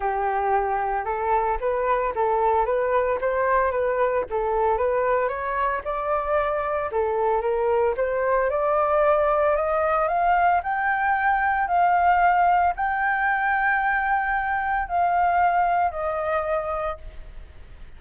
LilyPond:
\new Staff \with { instrumentName = "flute" } { \time 4/4 \tempo 4 = 113 g'2 a'4 b'4 | a'4 b'4 c''4 b'4 | a'4 b'4 cis''4 d''4~ | d''4 a'4 ais'4 c''4 |
d''2 dis''4 f''4 | g''2 f''2 | g''1 | f''2 dis''2 | }